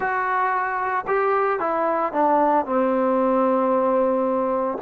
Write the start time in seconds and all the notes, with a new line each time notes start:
0.00 F#4
1.07 G4
1.59 E4
2.12 D4
2.65 C4